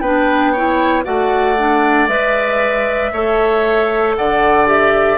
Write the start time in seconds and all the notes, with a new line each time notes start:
0.00 B3 D4 B4 G5
0.53 E4 C#5
1.04 A3 F#4 D5 F#5
1.58 D4
2.08 G#3 B4 E5
3.13 A3 A4 C#5
4.16 D3 D5 F#5
4.66 G4 E5